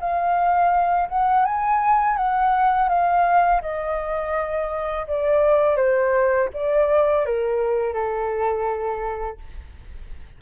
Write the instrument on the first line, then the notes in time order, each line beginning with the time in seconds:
flute
0.00 F5
1.09 F#5
1.45 G#5
2.17 F#5
2.89 F5
3.62 D#5
5.07 D5
5.77 C5
6.54 D5
7.26 A#4
7.94 A4